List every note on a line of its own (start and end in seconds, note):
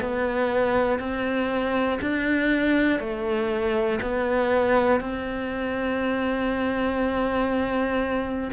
0.00 0.99 B3
0.99 1.99 C4
2.00 2.99 D4
2.99 3.99 A3
4.01 5.00 B3
5.00 8.50 C4